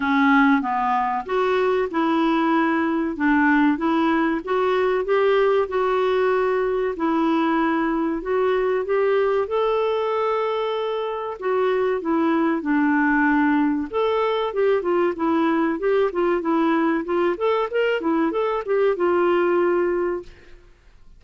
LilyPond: \new Staff \with { instrumentName = "clarinet" } { \time 4/4 \tempo 4 = 95 cis'4 b4 fis'4 e'4~ | e'4 d'4 e'4 fis'4 | g'4 fis'2 e'4~ | e'4 fis'4 g'4 a'4~ |
a'2 fis'4 e'4 | d'2 a'4 g'8 f'8 | e'4 g'8 f'8 e'4 f'8 a'8 | ais'8 e'8 a'8 g'8 f'2 | }